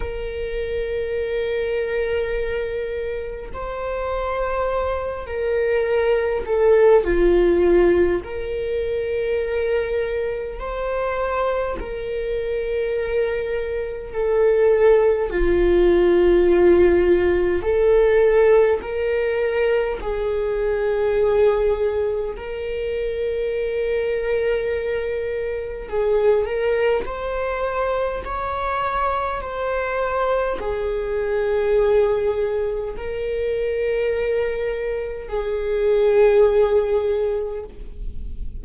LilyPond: \new Staff \with { instrumentName = "viola" } { \time 4/4 \tempo 4 = 51 ais'2. c''4~ | c''8 ais'4 a'8 f'4 ais'4~ | ais'4 c''4 ais'2 | a'4 f'2 a'4 |
ais'4 gis'2 ais'4~ | ais'2 gis'8 ais'8 c''4 | cis''4 c''4 gis'2 | ais'2 gis'2 | }